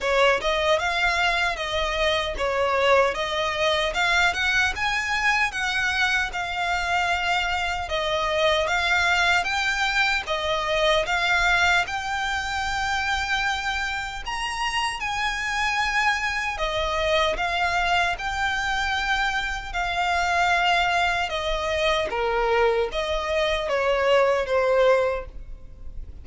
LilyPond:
\new Staff \with { instrumentName = "violin" } { \time 4/4 \tempo 4 = 76 cis''8 dis''8 f''4 dis''4 cis''4 | dis''4 f''8 fis''8 gis''4 fis''4 | f''2 dis''4 f''4 | g''4 dis''4 f''4 g''4~ |
g''2 ais''4 gis''4~ | gis''4 dis''4 f''4 g''4~ | g''4 f''2 dis''4 | ais'4 dis''4 cis''4 c''4 | }